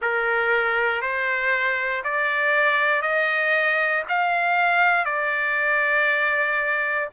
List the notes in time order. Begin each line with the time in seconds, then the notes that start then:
0.01 A#4
1.01 C5
2.03 D5
3.01 D#5
4.09 F5
5.05 D5